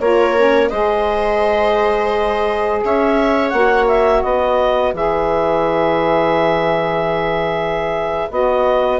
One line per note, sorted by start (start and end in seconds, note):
0.00 0.71 A#3
0.00 0.37 F4
0.00 0.70 A#4
0.00 0.69 C#5
0.37 0.71 C#4
0.69 2.84 G#3
0.69 3.53 G#4
0.69 2.82 C5
0.69 2.81 D#5
2.84 3.53 C#4
2.84 4.25 C#5
2.84 3.50 E5
3.50 4.24 A#3
3.50 4.94 F#4
3.50 3.85 F#5
3.88 4.23 E5
4.23 4.94 B3
4.23 9.00 B4
4.23 4.93 D#5
4.94 8.29 E3
4.94 8.30 G#4
4.94 8.31 E5
8.30 9.00 B3
8.30 9.00 F#4
8.30 9.00 D#5